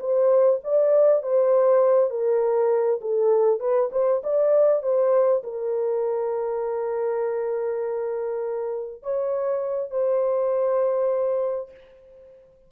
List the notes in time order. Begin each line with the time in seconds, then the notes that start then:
0.00 C5
0.64 D5
1.23 C5
2.11 A#4
3.01 A4
3.60 B4
3.92 C5
4.24 D5
4.83 C5
5.44 A#4
9.03 C#5
9.91 C5